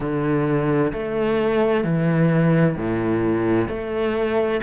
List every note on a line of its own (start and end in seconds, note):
0.00 0.92 D3
0.92 1.83 A3
1.83 2.76 E3
2.77 3.68 A2
3.68 4.60 A3